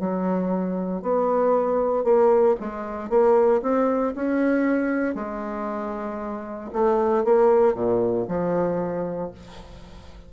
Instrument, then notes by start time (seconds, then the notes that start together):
bassoon
0.00 F#3
1.02 B3
2.04 A#3
2.60 G#3
3.10 A#3
3.62 C4
4.16 C#4
5.15 G#3
6.73 A3
7.25 A#3
7.74 A#2
8.28 F3